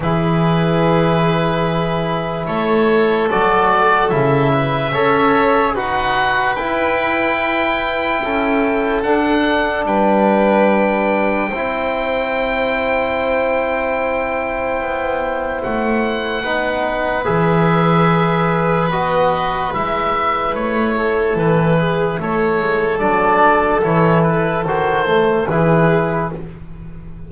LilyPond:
<<
  \new Staff \with { instrumentName = "oboe" } { \time 4/4 \tempo 4 = 73 b'2. cis''4 | d''4 e''2 fis''4 | g''2. fis''4 | g''1~ |
g''2. fis''4~ | fis''4 e''2 dis''4 | e''4 cis''4 b'4 cis''4 | d''4 cis''8 b'8 c''4 b'4 | }
  \new Staff \with { instrumentName = "violin" } { \time 4/4 gis'2. a'4~ | a'4. b'8 cis''4 b'4~ | b'2 a'2 | b'2 c''2~ |
c''1 | b'1~ | b'4. a'4 gis'8 a'4~ | a'2. gis'4 | }
  \new Staff \with { instrumentName = "trombone" } { \time 4/4 e'1 | fis'4 e'4 a'4 fis'4 | e'2. d'4~ | d'2 e'2~ |
e'1 | dis'4 gis'2 fis'4 | e'1 | d'4 e'4 fis'8 a8 e'4 | }
  \new Staff \with { instrumentName = "double bass" } { \time 4/4 e2. a4 | fis4 cis4 cis'4 dis'4 | e'2 cis'4 d'4 | g2 c'2~ |
c'2 b4 a4 | b4 e2 b4 | gis4 a4 e4 a8 gis8 | fis4 e4 dis4 e4 | }
>>